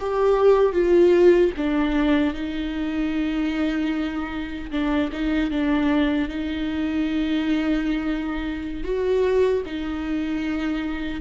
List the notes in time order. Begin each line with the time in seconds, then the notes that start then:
0.00 G4
0.73 F4
1.57 D4
2.34 D#4
4.71 D4
5.12 D#4
5.51 D4
6.29 D#4
8.84 F#4
9.66 D#4